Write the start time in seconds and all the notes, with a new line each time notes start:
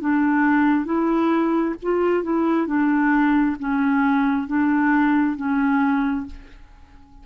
0.00 D4
0.85 E4
1.82 F4
2.23 E4
2.66 D4
3.59 C#4
4.47 D4
5.36 C#4